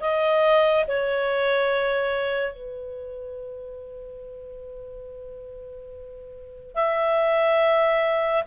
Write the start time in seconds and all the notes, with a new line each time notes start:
0.00 D#5
0.87 C#5
2.53 B4
6.75 E5